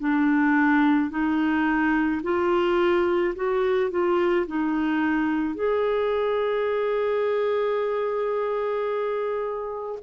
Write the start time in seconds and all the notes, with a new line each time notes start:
0.00 D4
1.11 D#4
2.23 F4
3.36 F#4
3.91 F4
4.47 D#4
5.55 G#4